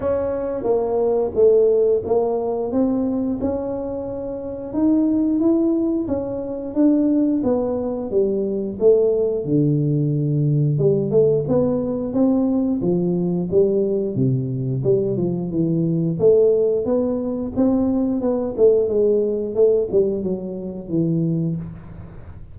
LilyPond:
\new Staff \with { instrumentName = "tuba" } { \time 4/4 \tempo 4 = 89 cis'4 ais4 a4 ais4 | c'4 cis'2 dis'4 | e'4 cis'4 d'4 b4 | g4 a4 d2 |
g8 a8 b4 c'4 f4 | g4 c4 g8 f8 e4 | a4 b4 c'4 b8 a8 | gis4 a8 g8 fis4 e4 | }